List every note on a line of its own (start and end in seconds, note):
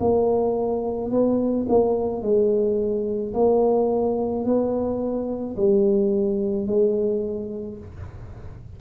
0.00 1.11 A#3
1.11 1.66 B3
1.69 2.22 A#3
2.22 3.33 G#3
3.33 4.44 A#3
4.44 5.56 B3
5.56 6.67 G3
6.67 7.78 G#3